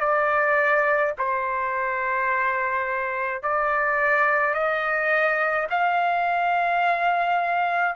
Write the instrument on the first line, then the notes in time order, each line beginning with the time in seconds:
trumpet
0.00 D5
1.18 C5
3.43 D5
4.54 D#5
5.70 F5